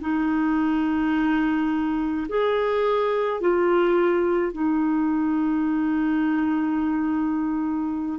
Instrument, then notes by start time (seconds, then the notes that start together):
clarinet
0.00 D#4
2.28 G#4
3.40 F4
4.52 D#4